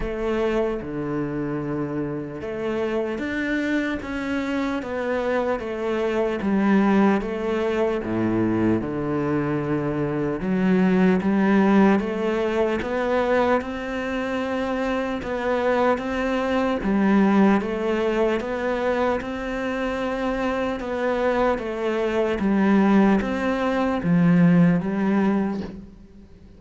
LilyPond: \new Staff \with { instrumentName = "cello" } { \time 4/4 \tempo 4 = 75 a4 d2 a4 | d'4 cis'4 b4 a4 | g4 a4 a,4 d4~ | d4 fis4 g4 a4 |
b4 c'2 b4 | c'4 g4 a4 b4 | c'2 b4 a4 | g4 c'4 f4 g4 | }